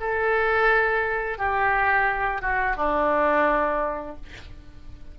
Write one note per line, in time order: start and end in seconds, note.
0.00 1.38 A4
1.38 2.42 G4
2.42 2.77 F#4
2.77 4.16 D4